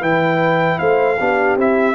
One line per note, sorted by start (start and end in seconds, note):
0.00 0.79 E3
0.00 1.17 E4
0.00 0.78 B4
0.00 0.79 G5
0.79 1.19 A3
0.79 1.18 C5
0.79 1.57 F5
1.19 1.56 B3
1.19 1.58 D4
1.19 1.95 G4
1.56 1.95 C4
1.56 1.95 E4
1.56 1.95 E5